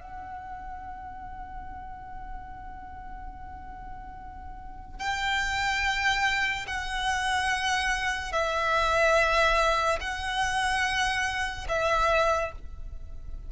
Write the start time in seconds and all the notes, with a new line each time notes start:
0.00 F#5
4.99 G5
6.67 F#5
8.32 E5
10.00 F#5
11.68 E5